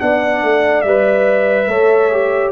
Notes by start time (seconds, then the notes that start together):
0.00 B3 D4 D5 F#5
0.43 A3
0.81 G3 E5
0.88 B4
1.67 A3 A4 C#5
2.12 G4